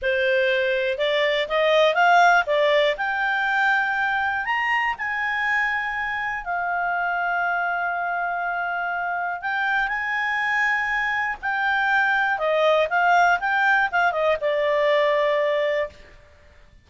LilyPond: \new Staff \with { instrumentName = "clarinet" } { \time 4/4 \tempo 4 = 121 c''2 d''4 dis''4 | f''4 d''4 g''2~ | g''4 ais''4 gis''2~ | gis''4 f''2.~ |
f''2. g''4 | gis''2. g''4~ | g''4 dis''4 f''4 g''4 | f''8 dis''8 d''2. | }